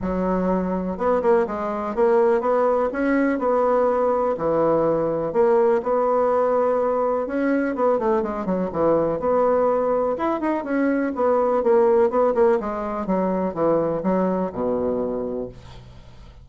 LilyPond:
\new Staff \with { instrumentName = "bassoon" } { \time 4/4 \tempo 4 = 124 fis2 b8 ais8 gis4 | ais4 b4 cis'4 b4~ | b4 e2 ais4 | b2. cis'4 |
b8 a8 gis8 fis8 e4 b4~ | b4 e'8 dis'8 cis'4 b4 | ais4 b8 ais8 gis4 fis4 | e4 fis4 b,2 | }